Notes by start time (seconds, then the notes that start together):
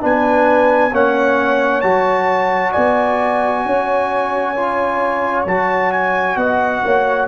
0.00 B3 D4 B4 G#5
0.92 A#3 C#4 C#5 F#5
1.81 F#3 F#4 A5
2.72 B3 D5 G#5
3.65 C#4 C#5
4.56 F4
5.45 F#3 F#4 A5
5.92 G#5
6.36 B3 D#5 F#5
6.84 A#3 C#5